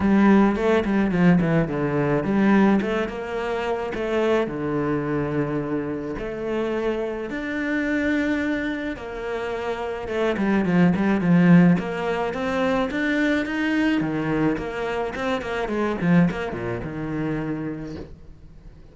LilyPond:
\new Staff \with { instrumentName = "cello" } { \time 4/4 \tempo 4 = 107 g4 a8 g8 f8 e8 d4 | g4 a8 ais4. a4 | d2. a4~ | a4 d'2. |
ais2 a8 g8 f8 g8 | f4 ais4 c'4 d'4 | dis'4 dis4 ais4 c'8 ais8 | gis8 f8 ais8 ais,8 dis2 | }